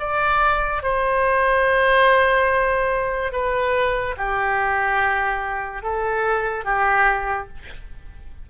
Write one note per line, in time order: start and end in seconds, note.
0.00 0.83 D5
0.83 3.33 C5
3.33 4.16 B4
4.17 5.83 G4
5.83 6.65 A4
6.65 7.48 G4